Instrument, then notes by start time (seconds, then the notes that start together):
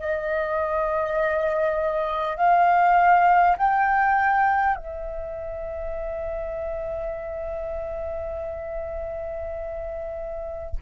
flute
0.00 D#5
2.37 F5
3.58 G5
4.76 E5